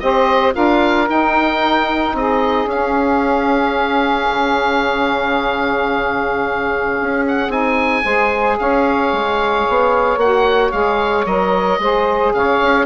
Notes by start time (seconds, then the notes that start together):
0.00 C4 G4 C5 D#5
0.52 D4 F4 A#4 F5
1.07 D#4 G5
2.14 C4 G#4 D#5
2.66 C#4 F5
4.30 C#3
7.01 C#4
7.28 F#5
7.49 C4 D#4 G#5
8.04 G#3 G#4 C5
8.59 C#4 C#5 F5
9.12 G#3
9.69 B3
10.17 A#3 F#4 F#5
10.72 G#3 G#4 F5
11.25 F#3 A#4 D#5
11.79 G#3 G#4 C5
12.34 C#3 C#5 F5
12.61 C#4